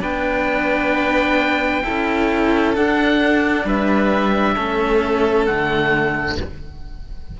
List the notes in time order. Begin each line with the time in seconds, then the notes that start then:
0.00 B3 D4 B4 G5
1.84 C#4 E4 A4
2.75 D4 F#5
3.65 G3 B4 E5
4.55 A3 C#4 A4
5.46 D3 A3 F#5